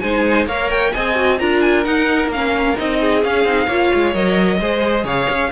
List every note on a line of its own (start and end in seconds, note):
0.00 0.47 G#3
0.00 0.48 D#4
0.00 0.48 C5
0.00 0.46 G#5
0.47 0.92 A#3
0.47 0.94 A#4
0.47 0.93 C#5
0.47 0.71 F5
0.71 0.94 G5
0.94 1.41 C4
0.94 1.15 G#4
0.94 1.40 D#5
0.94 1.39 G#5
1.15 1.38 F#4
1.39 1.87 D4
1.39 1.85 F4
1.39 3.00 A#4
1.39 1.62 A#5
1.62 1.84 G#5
1.84 2.31 D#4
1.84 2.28 D#4
1.84 2.30 F#5
2.28 2.74 A#3
2.28 2.78 F5
2.34 2.77 C#4
2.77 3.25 C4
2.77 3.22 D#4
2.77 3.24 D#5
3.00 3.67 G#4
3.24 3.46 C#4
3.24 3.45 C#4
3.24 4.15 F5
3.45 3.68 C4
3.45 3.69 D#4
3.67 3.91 A#3
3.67 4.15 F4
3.67 4.59 C#5
3.95 4.15 G#3
4.15 4.61 F#3
4.15 4.61 A#4
4.15 5.06 D#5
4.61 5.05 G#3
4.61 5.52 G#4
4.61 5.05 C5
5.05 5.28 C#3
5.05 5.51 C#5
5.05 5.52 F5
5.30 5.52 C#4